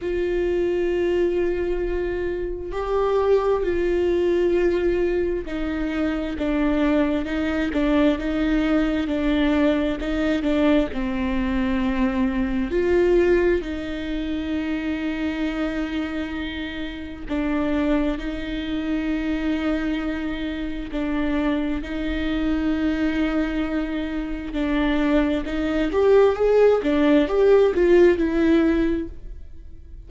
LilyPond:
\new Staff \with { instrumentName = "viola" } { \time 4/4 \tempo 4 = 66 f'2. g'4 | f'2 dis'4 d'4 | dis'8 d'8 dis'4 d'4 dis'8 d'8 | c'2 f'4 dis'4~ |
dis'2. d'4 | dis'2. d'4 | dis'2. d'4 | dis'8 g'8 gis'8 d'8 g'8 f'8 e'4 | }